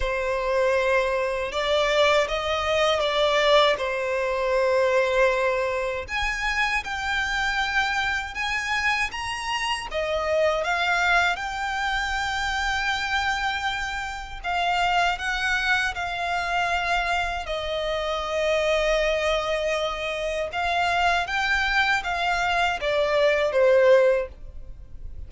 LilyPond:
\new Staff \with { instrumentName = "violin" } { \time 4/4 \tempo 4 = 79 c''2 d''4 dis''4 | d''4 c''2. | gis''4 g''2 gis''4 | ais''4 dis''4 f''4 g''4~ |
g''2. f''4 | fis''4 f''2 dis''4~ | dis''2. f''4 | g''4 f''4 d''4 c''4 | }